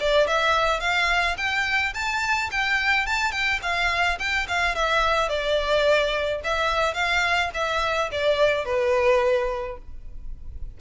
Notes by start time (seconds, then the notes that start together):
0.00 D5
0.27 E5
0.80 F5
1.37 G5
1.94 A5
2.51 G5
3.07 A5
3.32 G5
3.62 F5
4.19 G5
4.48 F5
4.75 E5
5.29 D5
6.44 E5
6.94 F5
7.54 E5
8.12 D5
8.65 B4